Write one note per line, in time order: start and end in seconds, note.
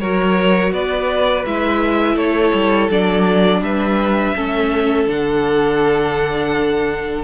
0.00 0.72 F#3
0.00 1.46 F#4
0.00 0.73 A#4
0.00 0.72 C#5
0.72 1.44 B3
0.72 2.16 B4
0.72 1.45 D5
1.46 2.16 G#3
1.46 2.91 E4
1.46 2.18 E5
2.16 2.52 A3
2.16 3.60 A4
2.16 2.90 C#5
2.53 2.89 G3
2.90 3.62 F#3
2.90 4.36 D4
2.90 3.63 D5
3.62 4.34 G3
3.62 4.36 B4
3.62 5.08 E5
4.36 5.07 A3
4.36 5.07 C#4
4.36 7.23 A4
5.07 7.23 D3
5.07 7.23 D4
5.07 7.23 F#5